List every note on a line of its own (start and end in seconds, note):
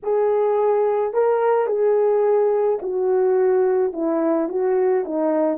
0.03 1.13 G#4
1.13 1.67 A#4
1.67 2.79 G#4
2.82 3.93 F#4
3.93 4.49 E4
4.49 5.04 F#4
5.04 5.58 D#4